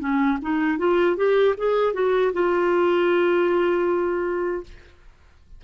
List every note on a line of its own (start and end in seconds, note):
0.00 0.38 C#4
0.42 0.79 D#4
0.79 1.17 F4
1.17 1.56 G4
1.58 1.94 G#4
1.94 2.33 F#4
2.33 4.64 F4